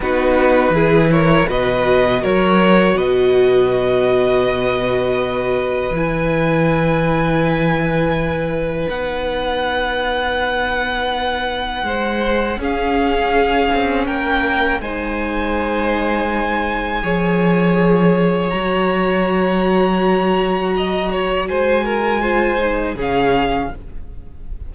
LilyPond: <<
  \new Staff \with { instrumentName = "violin" } { \time 4/4 \tempo 4 = 81 b'4. cis''8 dis''4 cis''4 | dis''1 | gis''1 | fis''1~ |
fis''4 f''2 g''4 | gis''1~ | gis''4 ais''2.~ | ais''4 gis''2 f''4 | }
  \new Staff \with { instrumentName = "violin" } { \time 4/4 fis'4 gis'8 ais'8 b'4 ais'4 | b'1~ | b'1~ | b'1 |
c''4 gis'2 ais'4 | c''2. cis''4~ | cis''1 | dis''8 cis''8 c''8 ais'8 c''4 gis'4 | }
  \new Staff \with { instrumentName = "viola" } { \time 4/4 dis'4 e'4 fis'2~ | fis'1 | e'1 | dis'1~ |
dis'4 cis'2. | dis'2. gis'4~ | gis'4 fis'2.~ | fis'2 f'8 dis'8 cis'4 | }
  \new Staff \with { instrumentName = "cello" } { \time 4/4 b4 e4 b,4 fis4 | b,1 | e1 | b1 |
gis4 cis'4. c'8 ais4 | gis2. f4~ | f4 fis2.~ | fis4 gis2 cis4 | }
>>